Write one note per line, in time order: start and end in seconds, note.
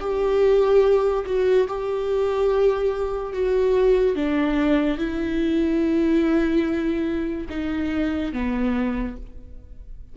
0.00 1.25 G4
1.25 1.67 F#4
1.68 3.33 G4
3.33 4.15 F#4
4.15 4.97 D4
4.97 7.47 E4
7.49 8.33 D#4
8.33 9.16 B3